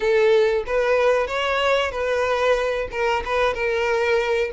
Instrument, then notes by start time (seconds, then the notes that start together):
violin
0.00 A4
0.66 B4
1.27 C#5
1.91 B4
2.91 A#4
3.25 B4
3.54 A#4